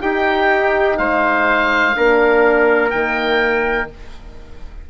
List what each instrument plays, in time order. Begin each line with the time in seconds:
0.00 horn D#4, bassoon D#4, trumpet G4, oboe G5
0.97 bassoon G#3, trumpet C5, oboe F5
1.95 bassoon A#3, horn D4, trumpet A#4
2.90 bassoon D#3, horn A#3, oboe G5